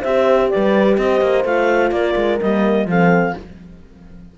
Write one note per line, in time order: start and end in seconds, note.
0.00 0.52 C4
0.00 1.46 G4
0.00 0.48 C5
0.00 0.50 E5
0.50 0.98 G3
0.50 0.99 B4
0.50 0.97 D5
0.97 1.22 C4
0.97 1.95 C5
0.97 1.45 D#5
1.22 1.44 A#3
1.44 1.91 A3
1.44 2.41 F4
1.44 1.92 F5
1.91 2.15 A#3
1.91 2.39 D5
1.98 2.89 A#4
2.16 2.40 G#3
2.41 2.86 G3
2.41 2.89 A#3
2.41 2.89 D#5
2.86 3.33 F3
2.86 3.38 C4
2.86 3.37 A4
2.86 3.37 F5